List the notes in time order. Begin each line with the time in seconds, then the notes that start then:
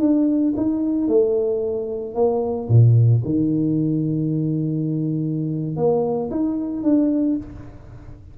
0.00 D4
0.56 D#4
1.08 A3
2.14 A#3
2.68 A#2
3.24 D#3
5.76 A#3
6.30 D#4
6.83 D4